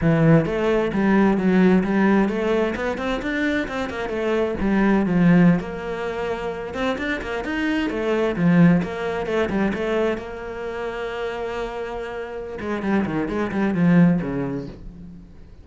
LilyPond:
\new Staff \with { instrumentName = "cello" } { \time 4/4 \tempo 4 = 131 e4 a4 g4 fis4 | g4 a4 b8 c'8 d'4 | c'8 ais8 a4 g4 f4~ | f16 ais2~ ais8 c'8 d'8 ais16~ |
ais16 dis'4 a4 f4 ais8.~ | ais16 a8 g8 a4 ais4.~ ais16~ | ais2.~ ais8 gis8 | g8 dis8 gis8 g8 f4 cis4 | }